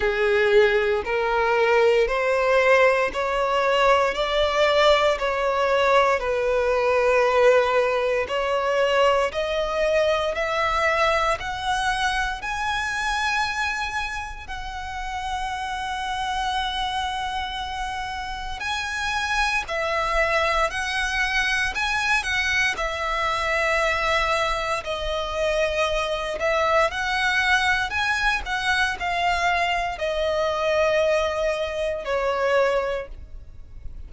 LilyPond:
\new Staff \with { instrumentName = "violin" } { \time 4/4 \tempo 4 = 58 gis'4 ais'4 c''4 cis''4 | d''4 cis''4 b'2 | cis''4 dis''4 e''4 fis''4 | gis''2 fis''2~ |
fis''2 gis''4 e''4 | fis''4 gis''8 fis''8 e''2 | dis''4. e''8 fis''4 gis''8 fis''8 | f''4 dis''2 cis''4 | }